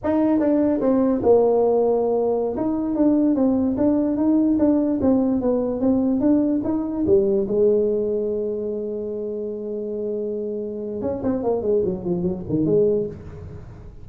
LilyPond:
\new Staff \with { instrumentName = "tuba" } { \time 4/4 \tempo 4 = 147 dis'4 d'4 c'4 ais4~ | ais2~ ais16 dis'4 d'8.~ | d'16 c'4 d'4 dis'4 d'8.~ | d'16 c'4 b4 c'4 d'8.~ |
d'16 dis'4 g4 gis4.~ gis16~ | gis1~ | gis2. cis'8 c'8 | ais8 gis8 fis8 f8 fis8 dis8 gis4 | }